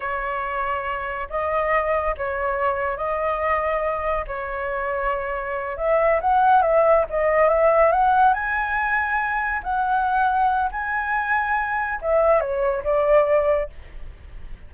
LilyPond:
\new Staff \with { instrumentName = "flute" } { \time 4/4 \tempo 4 = 140 cis''2. dis''4~ | dis''4 cis''2 dis''4~ | dis''2 cis''2~ | cis''4. e''4 fis''4 e''8~ |
e''8 dis''4 e''4 fis''4 gis''8~ | gis''2~ gis''8 fis''4.~ | fis''4 gis''2. | e''4 cis''4 d''2 | }